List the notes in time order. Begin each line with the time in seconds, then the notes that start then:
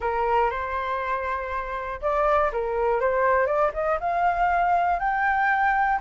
0.00 A#4
0.50 C5
2.01 D5
2.52 A#4
3.00 C5
3.46 D5
3.73 D#5
4.00 F5
4.99 G5